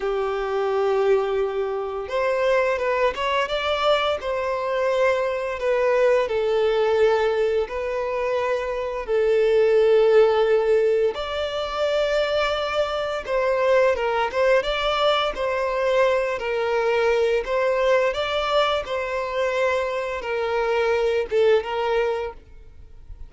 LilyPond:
\new Staff \with { instrumentName = "violin" } { \time 4/4 \tempo 4 = 86 g'2. c''4 | b'8 cis''8 d''4 c''2 | b'4 a'2 b'4~ | b'4 a'2. |
d''2. c''4 | ais'8 c''8 d''4 c''4. ais'8~ | ais'4 c''4 d''4 c''4~ | c''4 ais'4. a'8 ais'4 | }